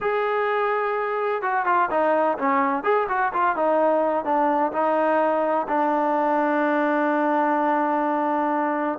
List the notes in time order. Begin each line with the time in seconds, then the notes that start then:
0.01 G#4
1.42 F#4
1.65 F4
1.90 D#4
2.38 C#4
2.83 G#4
3.08 F#4
3.33 F4
3.55 D#4
4.24 D4
4.72 D#4
5.68 D4